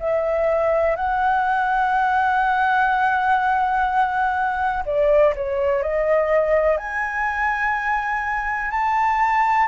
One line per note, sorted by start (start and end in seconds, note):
0.00 0.96 E5
0.96 4.83 F#5
4.86 5.34 D5
5.36 5.82 C#5
5.82 6.78 D#5
6.78 8.71 G#5
8.71 9.68 A5